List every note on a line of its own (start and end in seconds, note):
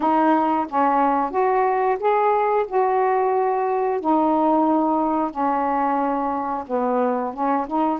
0.00 0.66 D#4
0.68 1.30 C#4
1.30 1.97 F#4
1.99 2.66 G#4
2.67 4.00 F#4
4.00 5.31 D#4
5.31 6.64 C#4
6.66 7.33 B3
7.33 7.67 C#4
7.67 7.99 D#4